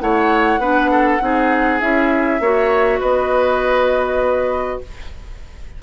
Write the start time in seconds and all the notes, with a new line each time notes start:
0.00 A3 E4 C#5 F#5
0.58 B3 D4 B4
0.91 A4
1.20 C4 D#4 G#4
1.80 C#4 E4 E5
2.40 A#3 F#4 C#5
3.00 B3 B4 D#5